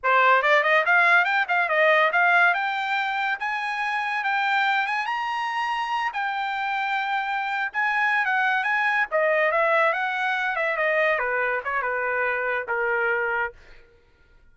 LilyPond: \new Staff \with { instrumentName = "trumpet" } { \time 4/4 \tempo 4 = 142 c''4 d''8 dis''8 f''4 g''8 f''8 | dis''4 f''4 g''2 | gis''2 g''4. gis''8 | ais''2~ ais''8 g''4.~ |
g''2~ g''16 gis''4~ gis''16 fis''8~ | fis''8 gis''4 dis''4 e''4 fis''8~ | fis''4 e''8 dis''4 b'4 cis''8 | b'2 ais'2 | }